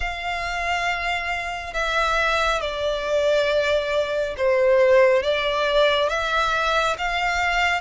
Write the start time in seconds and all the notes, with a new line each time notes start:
0.00 F5
1.74 E5
2.60 D5
4.37 C5
5.23 D5
6.09 E5
6.98 F5